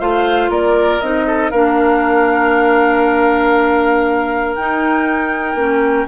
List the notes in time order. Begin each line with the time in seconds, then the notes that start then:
0.00 A3 F4 C5 F5
0.49 A#3 A#4 D5
1.01 C4 D#4 D#5
1.27 A4
1.51 A#3 D4 A#4 F5
4.56 D#4 G5
5.55 A#3 C#4